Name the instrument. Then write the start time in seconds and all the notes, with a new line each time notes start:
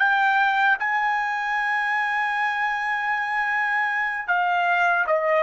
trumpet
0.00 G5
0.80 G#5
4.28 F5
5.07 D#5